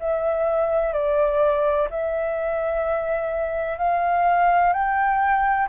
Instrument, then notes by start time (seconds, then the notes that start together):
flute
0.00 E5
0.93 D5
1.90 E5
3.78 F5
4.73 G5